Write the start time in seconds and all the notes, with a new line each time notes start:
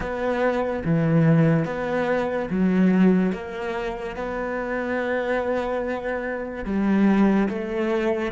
0.00 B3
0.84 E3
1.65 B3
2.50 F#3
3.32 A#3
4.16 B3
6.64 G3
7.48 A3